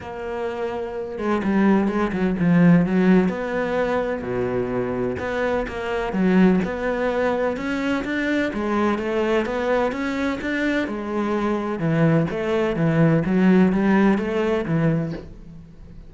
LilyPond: \new Staff \with { instrumentName = "cello" } { \time 4/4 \tempo 4 = 127 ais2~ ais8 gis8 g4 | gis8 fis8 f4 fis4 b4~ | b4 b,2 b4 | ais4 fis4 b2 |
cis'4 d'4 gis4 a4 | b4 cis'4 d'4 gis4~ | gis4 e4 a4 e4 | fis4 g4 a4 e4 | }